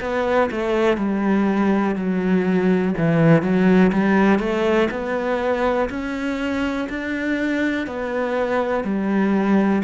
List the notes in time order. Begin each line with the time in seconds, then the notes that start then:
0.00 B3
0.51 A3
0.97 G3
1.95 F#3
2.97 E3
3.42 F#3
3.92 G3
4.39 A3
4.91 B3
5.90 C#4
6.89 D4
7.86 B3
8.84 G3